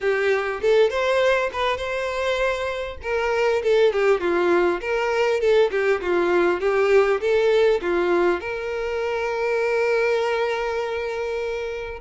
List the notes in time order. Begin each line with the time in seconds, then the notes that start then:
0.00 G4
0.61 A4
0.90 C5
1.52 B4
1.77 C5
3.02 A#4
3.63 A4
3.92 G4
4.20 F4
4.80 A#4
5.40 A4
5.70 G4
6.01 F4
6.60 G4
7.21 A4
7.81 F4
8.40 A#4